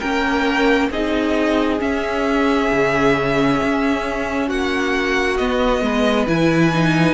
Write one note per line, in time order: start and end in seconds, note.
0.00 0.91 A#3
0.00 0.91 C#4
0.00 0.90 A#4
0.00 0.90 G5
0.91 1.80 C4
0.91 1.80 D#4
0.91 4.48 G#4
0.91 1.81 D#5
1.80 5.38 C#4
1.80 2.71 C#4
1.80 4.50 E5
2.72 3.62 C#3
3.63 4.51 C#4
4.48 5.40 A#3
4.48 5.82 F#4
4.48 5.37 F#5
5.37 5.82 B3
5.37 6.28 B3
5.37 6.27 D#5
5.82 6.27 G#3
5.82 7.15 B4
6.27 7.15 E3
6.27 6.73 E4
6.27 7.15 G#5
6.74 7.15 D#4